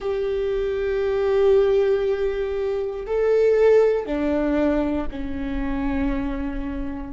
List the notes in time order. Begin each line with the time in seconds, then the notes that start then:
0.00 G4
3.06 A4
4.05 D4
5.11 C#4